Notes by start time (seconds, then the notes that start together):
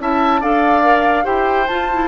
0.00 C#4 E4 E5 A5
0.41 D4 A4 D5 F5
0.83 A#4
1.24 E4 G4 C5 G5
1.67 F4 A5
1.92 E4